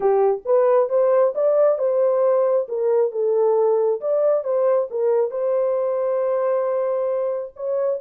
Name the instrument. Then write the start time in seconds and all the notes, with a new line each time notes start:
horn
0.00 G4
0.45 B4
0.89 C5
1.34 D5
1.78 C5
2.68 A#4
3.11 A4
4.00 D5
4.44 C5
4.90 A#4
5.30 C5
7.56 C#5